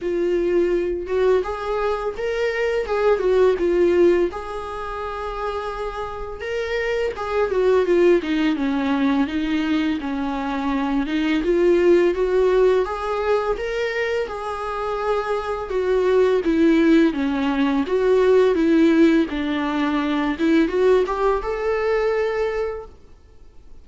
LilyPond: \new Staff \with { instrumentName = "viola" } { \time 4/4 \tempo 4 = 84 f'4. fis'8 gis'4 ais'4 | gis'8 fis'8 f'4 gis'2~ | gis'4 ais'4 gis'8 fis'8 f'8 dis'8 | cis'4 dis'4 cis'4. dis'8 |
f'4 fis'4 gis'4 ais'4 | gis'2 fis'4 e'4 | cis'4 fis'4 e'4 d'4~ | d'8 e'8 fis'8 g'8 a'2 | }